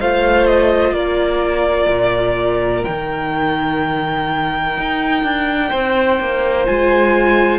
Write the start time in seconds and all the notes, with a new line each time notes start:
0.00 A3 F4 C5 F5
0.47 D#5
0.91 A#3 A#4 D5
1.89 A#2
2.85 D#3 D#4 G5
4.78 D#4
5.24 D4
5.70 C4 C5
6.20 A#3
6.66 G#3 F4 G#5